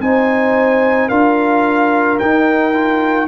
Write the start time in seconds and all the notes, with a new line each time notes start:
0.00 C4 D#4 C5 G#5
1.08 D4 F4 A#4 F5
2.19 D#4 G5
2.73 F4